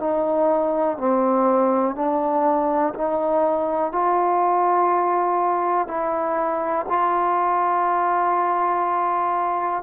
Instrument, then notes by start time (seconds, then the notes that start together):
trombone
0.00 D#4
0.97 C4
1.95 D4
2.94 D#4
3.92 F4
5.88 E4
6.89 F4